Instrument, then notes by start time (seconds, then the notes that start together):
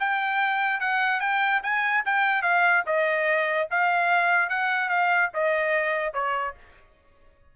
trumpet
0.00 G5
0.81 F#5
1.20 G5
1.63 G#5
2.06 G5
2.43 F5
2.86 D#5
3.71 F5
4.50 F#5
4.89 F5
5.34 D#5
6.14 C#5